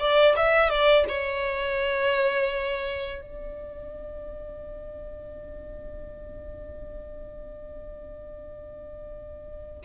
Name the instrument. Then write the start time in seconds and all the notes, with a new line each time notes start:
violin
0.00 D5
0.37 E5
0.70 D5
1.09 C#5
3.22 D5